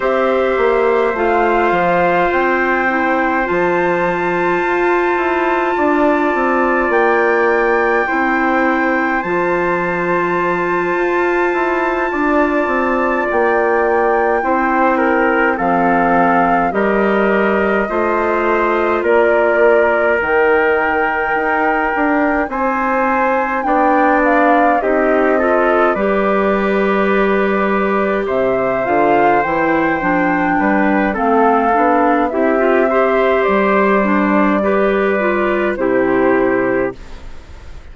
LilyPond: <<
  \new Staff \with { instrumentName = "flute" } { \time 4/4 \tempo 4 = 52 e''4 f''4 g''4 a''4~ | a''2 g''2 | a''2.~ a''8 g''8~ | g''4. f''4 dis''4.~ |
dis''8 d''4 g''2 gis''8~ | gis''8 g''8 f''8 dis''4 d''4.~ | d''8 e''8 f''8 g''4. f''4 | e''4 d''2 c''4 | }
  \new Staff \with { instrumentName = "trumpet" } { \time 4/4 c''1~ | c''4 d''2 c''4~ | c''2~ c''8 d''4.~ | d''8 c''8 ais'8 a'4 ais'4 c''8~ |
c''8 ais'2. c''8~ | c''8 d''4 g'8 a'8 b'4.~ | b'8 c''2 b'8 a'4 | g'8 c''4. b'4 g'4 | }
  \new Staff \with { instrumentName = "clarinet" } { \time 4/4 g'4 f'4. e'8 f'4~ | f'2. e'4 | f'1~ | f'8 e'4 c'4 g'4 f'8~ |
f'4. dis'2~ dis'8~ | dis'8 d'4 dis'8 f'8 g'4.~ | g'4 f'8 e'8 d'4 c'8 d'8 | e'16 f'16 g'4 d'8 g'8 f'8 e'4 | }
  \new Staff \with { instrumentName = "bassoon" } { \time 4/4 c'8 ais8 a8 f8 c'4 f4 | f'8 e'8 d'8 c'8 ais4 c'4 | f4. f'8 e'8 d'8 c'8 ais8~ | ais8 c'4 f4 g4 a8~ |
a8 ais4 dis4 dis'8 d'8 c'8~ | c'8 b4 c'4 g4.~ | g8 c8 d8 e8 f8 g8 a8 b8 | c'4 g2 c4 | }
>>